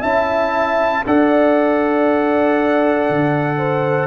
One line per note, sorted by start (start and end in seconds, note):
0.00 1.04 C#4
0.00 1.05 E4
0.00 1.02 E5
0.00 1.04 A5
1.06 3.09 D4
1.06 4.07 A4
1.06 3.58 D5
1.06 4.07 F#5
3.09 4.07 D3
3.58 4.07 C5